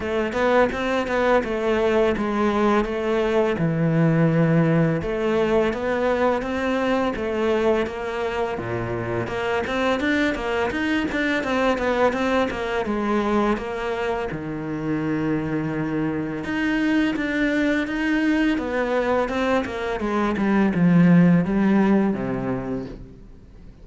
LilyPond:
\new Staff \with { instrumentName = "cello" } { \time 4/4 \tempo 4 = 84 a8 b8 c'8 b8 a4 gis4 | a4 e2 a4 | b4 c'4 a4 ais4 | ais,4 ais8 c'8 d'8 ais8 dis'8 d'8 |
c'8 b8 c'8 ais8 gis4 ais4 | dis2. dis'4 | d'4 dis'4 b4 c'8 ais8 | gis8 g8 f4 g4 c4 | }